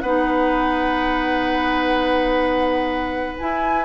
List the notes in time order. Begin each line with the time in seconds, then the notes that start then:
0.00 B3 D#4 B4 F#5
3.39 E4 G#5